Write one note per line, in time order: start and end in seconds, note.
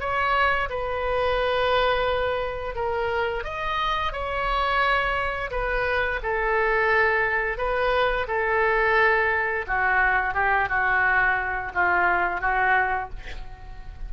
0.00 0.69 C#5
0.70 2.75 B4
2.75 3.44 A#4
3.44 4.12 D#5
4.12 5.50 C#5
5.51 6.20 B4
6.23 7.58 A4
7.58 8.27 B4
8.28 9.66 A4
9.67 10.34 F#4
10.34 10.69 G4
10.69 11.72 F#4
11.74 12.40 F4
12.40 13.09 F#4